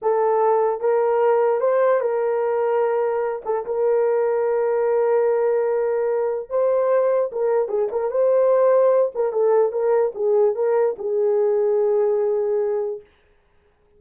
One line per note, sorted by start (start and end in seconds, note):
0.01 0.80 A4
0.80 1.60 A#4
1.60 2.00 C5
2.00 3.42 A#4
3.45 3.65 A4
3.65 6.49 A#4
6.49 7.30 C5
7.31 7.68 A#4
7.68 7.88 G#4
7.91 8.10 A#4
8.10 9.12 C5
9.14 9.32 A#4
9.32 9.71 A4
9.71 10.12 A#4
10.14 10.55 G#4
10.55 10.96 A#4
10.98 13.01 G#4